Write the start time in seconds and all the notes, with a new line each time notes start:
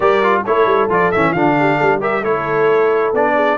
0.00 G3 G4 A#4 D5
0.22 F4
0.45 A3 E4 A4 C#5
0.65 G3
0.89 F3 F4 D5
1.11 E3 C#4 E5
1.31 D3 D4 F4 F5
1.59 G4
1.76 G3 A4
2.00 G4 A#4 E5
2.21 A3 E4 A4 C#5
3.12 B3 D4 D5
3.34 G#4